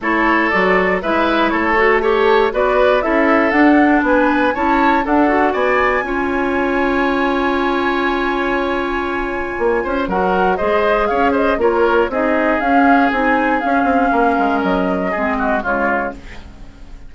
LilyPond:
<<
  \new Staff \with { instrumentName = "flute" } { \time 4/4 \tempo 4 = 119 cis''4 d''4 e''4 cis''4 | a'4 d''4 e''4 fis''4 | gis''4 a''4 fis''4 gis''4~ | gis''1~ |
gis''1 | fis''4 dis''4 f''8 dis''8 cis''4 | dis''4 f''4 gis''4 f''4~ | f''4 dis''2 cis''4 | }
  \new Staff \with { instrumentName = "oboe" } { \time 4/4 a'2 b'4 a'4 | cis''4 b'4 a'2 | b'4 cis''4 a'4 d''4 | cis''1~ |
cis''2.~ cis''8 c''8 | ais'4 c''4 cis''8 c''8 ais'4 | gis'1 | ais'2 gis'8 fis'8 f'4 | }
  \new Staff \with { instrumentName = "clarinet" } { \time 4/4 e'4 fis'4 e'4. fis'8 | g'4 fis'4 e'4 d'4~ | d'4 e'4 d'8 fis'4. | f'1~ |
f'1 | fis'4 gis'2 f'4 | dis'4 cis'4 dis'4 cis'4~ | cis'2 c'4 gis4 | }
  \new Staff \with { instrumentName = "bassoon" } { \time 4/4 a4 fis4 gis4 a4~ | a4 b4 cis'4 d'4 | b4 cis'4 d'4 b4 | cis'1~ |
cis'2. ais8 cis'8 | fis4 gis4 cis'4 ais4 | c'4 cis'4 c'4 cis'8 c'8 | ais8 gis8 fis4 gis4 cis4 | }
>>